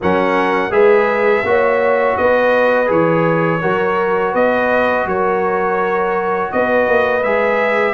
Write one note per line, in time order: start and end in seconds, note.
0.01 0.70 F#3
0.01 0.70 C#4
0.01 0.72 A#4
0.01 0.72 F#5
0.70 1.42 G#3
0.70 1.43 G#4
0.70 1.44 B4
0.70 2.16 E5
1.43 2.15 A#3
1.43 2.86 F#4
1.43 2.18 C#5
2.16 2.90 B3
2.16 3.61 B4
2.16 2.89 D#5
2.86 3.62 E3
2.86 3.58 G#4
2.86 4.34 C#5
3.61 4.34 F#3
3.61 7.23 F#4
3.61 4.31 A#4
4.31 5.05 B3
4.31 5.03 B4
4.31 5.07 D#5
5.05 6.50 F#3
5.05 6.52 A#4
5.05 6.52 C#5
6.52 6.87 B3
6.52 7.94 B4
6.52 7.23 D#5
6.87 7.23 A#3
7.23 7.94 G#3
7.23 7.94 G#4
7.23 7.94 E5